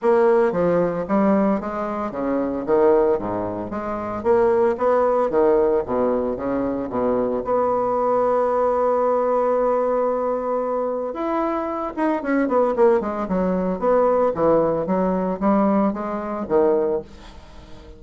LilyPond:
\new Staff \with { instrumentName = "bassoon" } { \time 4/4 \tempo 4 = 113 ais4 f4 g4 gis4 | cis4 dis4 gis,4 gis4 | ais4 b4 dis4 b,4 | cis4 b,4 b2~ |
b1~ | b4 e'4. dis'8 cis'8 b8 | ais8 gis8 fis4 b4 e4 | fis4 g4 gis4 dis4 | }